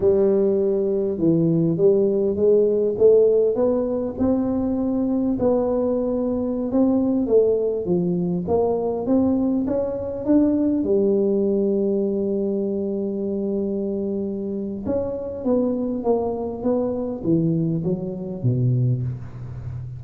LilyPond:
\new Staff \with { instrumentName = "tuba" } { \time 4/4 \tempo 4 = 101 g2 e4 g4 | gis4 a4 b4 c'4~ | c'4 b2~ b16 c'8.~ | c'16 a4 f4 ais4 c'8.~ |
c'16 cis'4 d'4 g4.~ g16~ | g1~ | g4 cis'4 b4 ais4 | b4 e4 fis4 b,4 | }